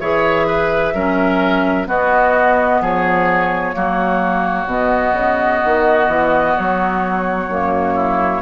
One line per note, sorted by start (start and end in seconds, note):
0.00 0.94 E3
0.00 0.95 G#4
0.00 0.47 C#5
0.00 1.88 E5
0.47 0.94 B4
0.94 1.87 F#3
0.94 1.86 C#4
0.94 1.88 A#4
1.86 3.73 B3
1.86 2.81 B3
1.86 2.81 F#4
1.86 2.82 D#5
2.81 3.75 F3
2.81 3.75 G#4
2.81 4.70 C#5
3.73 4.66 F#3
3.73 4.67 A#3
3.73 7.94 F#4
4.66 5.12 B2
4.66 7.50 B3
4.66 6.57 D#5
5.13 5.60 C#3
5.64 6.08 D#3
6.08 6.55 E3
6.57 7.48 F#3
6.57 8.42 C#5
7.48 8.42 F#2
7.48 8.42 A#3
7.94 8.41 E4